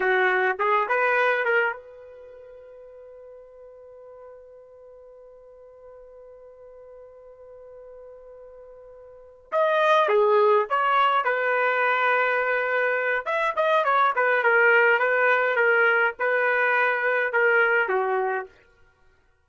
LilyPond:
\new Staff \with { instrumentName = "trumpet" } { \time 4/4 \tempo 4 = 104 fis'4 gis'8 b'4 ais'8 b'4~ | b'1~ | b'1~ | b'1~ |
b'8 dis''4 gis'4 cis''4 b'8~ | b'2. e''8 dis''8 | cis''8 b'8 ais'4 b'4 ais'4 | b'2 ais'4 fis'4 | }